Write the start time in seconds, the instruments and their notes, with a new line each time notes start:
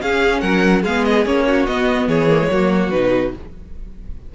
0.00 viola C#4, cello C#4, violin G#4 F5
0.40 cello F#3, violin A#4 F#5
0.82 cello G#3, viola B3, violin G#4 F5
1.04 violin D#5
1.25 cello A#3, viola C#4, violin C#5
1.47 violin F#4
1.66 cello B3, viola B3, violin D#5
2.07 cello E3, violin G#4 C#5
2.30 viola A#3
2.39 viola G#3
2.50 cello F#3, viola A#3, violin F#4
2.90 cello B2, viola D#4, violin B4